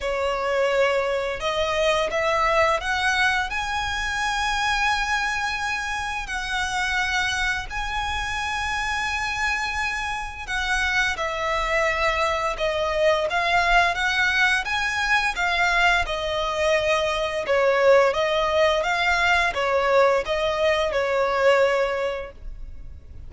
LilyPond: \new Staff \with { instrumentName = "violin" } { \time 4/4 \tempo 4 = 86 cis''2 dis''4 e''4 | fis''4 gis''2.~ | gis''4 fis''2 gis''4~ | gis''2. fis''4 |
e''2 dis''4 f''4 | fis''4 gis''4 f''4 dis''4~ | dis''4 cis''4 dis''4 f''4 | cis''4 dis''4 cis''2 | }